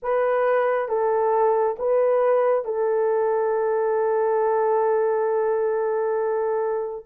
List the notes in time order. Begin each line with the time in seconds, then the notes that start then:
0.02 B4
0.88 A4
1.78 B4
2.64 A4